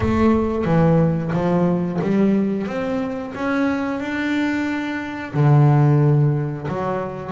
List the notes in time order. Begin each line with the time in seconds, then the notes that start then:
0.00 A3
0.65 E3
1.32 F3
2.01 G3
2.66 C4
3.35 C#4
4.00 D4
5.33 D3
6.68 F#3